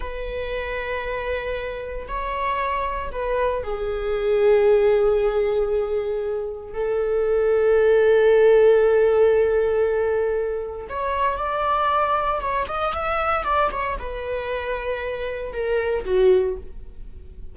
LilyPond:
\new Staff \with { instrumentName = "viola" } { \time 4/4 \tempo 4 = 116 b'1 | cis''2 b'4 gis'4~ | gis'1~ | gis'4 a'2.~ |
a'1~ | a'4 cis''4 d''2 | cis''8 dis''8 e''4 d''8 cis''8 b'4~ | b'2 ais'4 fis'4 | }